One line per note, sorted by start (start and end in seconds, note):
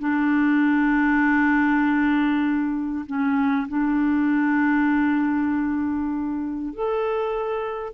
0.00 3.06 D4
3.07 3.68 C#4
3.69 6.74 D4
6.74 7.94 A4